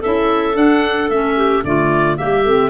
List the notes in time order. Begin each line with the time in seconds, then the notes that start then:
0.00 C#4 E4 A4 E5
0.53 D4 F#5
1.09 A3 C#4 E5
1.36 G4
1.64 D3 A3 F4 D5
2.16 G3 A#3 G4 E5
2.45 A3 C4